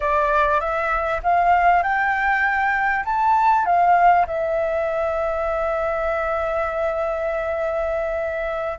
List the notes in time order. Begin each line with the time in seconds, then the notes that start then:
0.00 D5
0.60 E5
1.23 F5
1.83 G5
3.04 A5
3.65 F5
4.26 E5